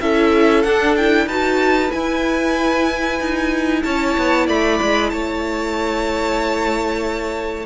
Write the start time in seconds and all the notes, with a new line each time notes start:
0.00 C#4 E4 A4 E5
0.62 D4 F#5
0.96 E4 G5
1.26 D#4 F#4 B4 A5
1.89 E4 G#5
3.20 D#4
3.83 C#4 C#5 A5
4.17 B3
4.47 A3 D5 B5
4.81 G#3
5.09 A3 C#5 A5